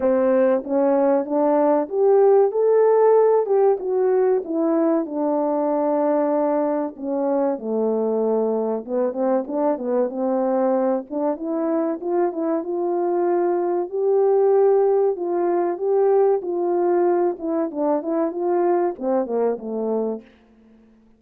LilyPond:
\new Staff \with { instrumentName = "horn" } { \time 4/4 \tempo 4 = 95 c'4 cis'4 d'4 g'4 | a'4. g'8 fis'4 e'4 | d'2. cis'4 | a2 b8 c'8 d'8 b8 |
c'4. d'8 e'4 f'8 e'8 | f'2 g'2 | f'4 g'4 f'4. e'8 | d'8 e'8 f'4 c'8 ais8 a4 | }